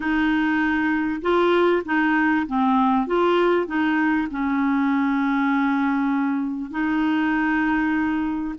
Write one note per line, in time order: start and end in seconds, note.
0.00 1.21 D#4
1.21 1.83 F4
1.85 2.46 D#4
2.46 3.06 C4
3.06 3.66 F4
3.66 4.27 D#4
4.31 6.70 C#4
6.70 8.54 D#4